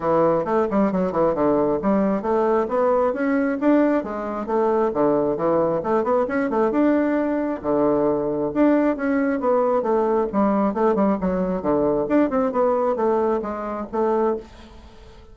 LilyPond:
\new Staff \with { instrumentName = "bassoon" } { \time 4/4 \tempo 4 = 134 e4 a8 g8 fis8 e8 d4 | g4 a4 b4 cis'4 | d'4 gis4 a4 d4 | e4 a8 b8 cis'8 a8 d'4~ |
d'4 d2 d'4 | cis'4 b4 a4 g4 | a8 g8 fis4 d4 d'8 c'8 | b4 a4 gis4 a4 | }